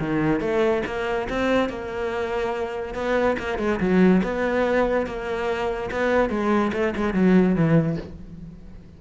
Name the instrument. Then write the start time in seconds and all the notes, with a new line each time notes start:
cello
0.00 D#3
0.41 A3
0.86 A#3
1.29 C4
1.70 A#3
2.95 B3
3.39 A#3
3.59 G#3
3.80 F#3
4.23 B3
5.07 A#3
5.92 B3
6.30 G#3
6.73 A3
6.97 G#3
7.14 F#3
7.56 E3